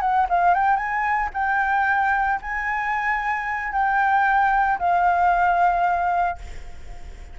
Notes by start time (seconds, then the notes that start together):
0.00 F#5
0.29 F5
0.54 G5
0.76 G#5
1.33 G5
2.41 G#5
3.72 G5
4.78 F5